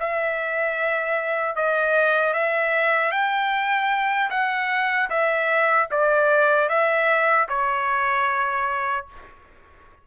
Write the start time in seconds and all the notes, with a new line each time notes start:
0.00 E5
1.56 D#5
2.34 E5
3.11 G5
4.30 F#5
5.10 E5
5.91 D5
6.69 E5
7.49 C#5